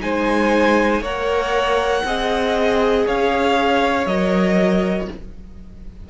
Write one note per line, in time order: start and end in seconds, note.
0.00 1.01 G#3
0.00 1.02 D#4
0.00 1.02 C5
0.00 1.03 G#5
1.01 2.03 A#3
1.01 2.06 A#4
1.01 2.03 C#5
1.01 3.07 F#5
2.04 3.06 C4
2.04 4.07 G#4
2.04 3.06 D#5
3.06 4.06 C#4
3.06 5.10 C#5
3.06 4.06 F5
4.06 5.08 F#3
4.06 5.09 A#4
4.06 5.08 D#5